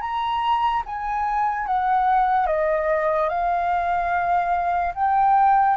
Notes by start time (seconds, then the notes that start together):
0.00 A#5
0.85 G#5
1.66 F#5
2.46 D#5
3.28 F5
4.94 G5